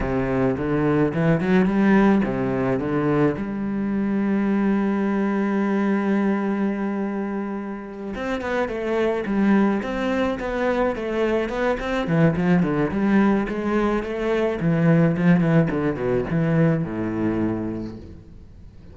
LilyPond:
\new Staff \with { instrumentName = "cello" } { \time 4/4 \tempo 4 = 107 c4 d4 e8 fis8 g4 | c4 d4 g2~ | g1~ | g2~ g8 c'8 b8 a8~ |
a8 g4 c'4 b4 a8~ | a8 b8 c'8 e8 f8 d8 g4 | gis4 a4 e4 f8 e8 | d8 b,8 e4 a,2 | }